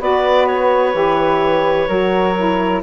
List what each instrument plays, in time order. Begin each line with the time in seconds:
0.00 bassoon B3, saxophone F#4, flute B4, clarinet D5
0.47 clarinet C#5
0.94 bassoon E3, saxophone G4
1.88 bassoon F#3, saxophone F#4, flute A#4
2.37 saxophone E4